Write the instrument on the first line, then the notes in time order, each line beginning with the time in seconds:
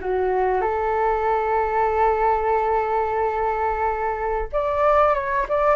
flute
0.00 F#4
0.61 A4
4.52 D5
5.14 C#5
5.48 D5